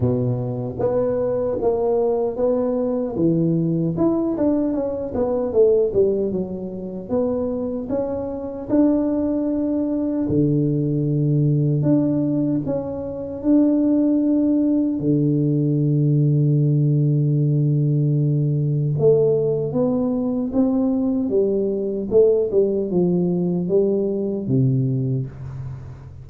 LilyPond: \new Staff \with { instrumentName = "tuba" } { \time 4/4 \tempo 4 = 76 b,4 b4 ais4 b4 | e4 e'8 d'8 cis'8 b8 a8 g8 | fis4 b4 cis'4 d'4~ | d'4 d2 d'4 |
cis'4 d'2 d4~ | d1 | a4 b4 c'4 g4 | a8 g8 f4 g4 c4 | }